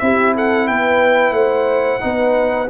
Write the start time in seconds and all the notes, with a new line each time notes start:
0.00 C4 E4 G4 E5
0.35 A4 F#5
0.68 B3 B4 G5
1.32 A3 C5 F#5
2.01 B3 D#4 B4